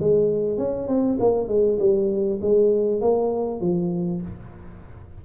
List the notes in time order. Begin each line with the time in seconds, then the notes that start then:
0.00 G#3
0.58 C#4
0.88 C4
1.20 A#3
1.48 G#3
1.79 G3
2.41 G#3
3.01 A#3
3.61 F3